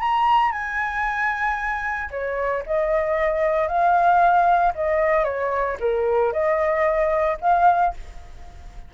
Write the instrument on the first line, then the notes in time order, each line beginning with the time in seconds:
flute
0.00 A#5
0.52 G#5
2.11 C#5
2.66 D#5
3.68 F5
4.75 D#5
5.24 C#5
5.80 A#4
6.33 D#5
7.41 F5